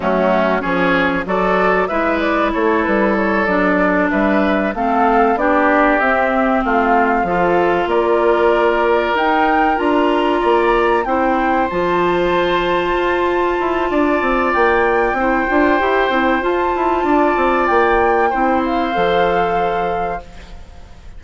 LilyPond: <<
  \new Staff \with { instrumentName = "flute" } { \time 4/4 \tempo 4 = 95 fis'4 cis''4 d''4 e''8 d''8 | cis''8 b'8 cis''8 d''4 e''4 f''8~ | f''8 d''4 e''4 f''4.~ | f''8 d''2 g''4 ais''8~ |
ais''4. g''4 a''4.~ | a''2. g''4~ | g''2 a''2 | g''4. f''2~ f''8 | }
  \new Staff \with { instrumentName = "oboe" } { \time 4/4 cis'4 gis'4 a'4 b'4 | a'2~ a'8 b'4 a'8~ | a'8 g'2 f'4 a'8~ | a'8 ais'2.~ ais'8~ |
ais'8 d''4 c''2~ c''8~ | c''2 d''2 | c''2. d''4~ | d''4 c''2. | }
  \new Staff \with { instrumentName = "clarinet" } { \time 4/4 a4 cis'4 fis'4 e'4~ | e'4. d'2 c'8~ | c'8 d'4 c'2 f'8~ | f'2~ f'8 dis'4 f'8~ |
f'4. e'4 f'4.~ | f'1 | e'8 f'8 g'8 e'8 f'2~ | f'4 e'4 a'2 | }
  \new Staff \with { instrumentName = "bassoon" } { \time 4/4 fis4 f4 fis4 gis4 | a8 g4 fis4 g4 a8~ | a8 b4 c'4 a4 f8~ | f8 ais2 dis'4 d'8~ |
d'8 ais4 c'4 f4.~ | f8 f'4 e'8 d'8 c'8 ais4 | c'8 d'8 e'8 c'8 f'8 e'8 d'8 c'8 | ais4 c'4 f2 | }
>>